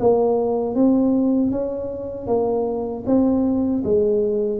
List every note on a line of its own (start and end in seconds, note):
0.00 0.75 A#3
0.75 1.52 C4
1.52 2.27 C#4
2.27 3.04 A#3
3.06 3.83 C4
3.85 4.60 G#3